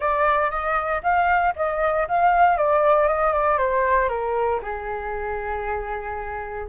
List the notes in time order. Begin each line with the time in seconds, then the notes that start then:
0.00 D5
0.50 D#5
1.03 F5
1.56 D#5
2.08 F5
2.57 D5
3.07 D#5
3.32 D5
3.58 C5
4.08 A#4
4.62 G#4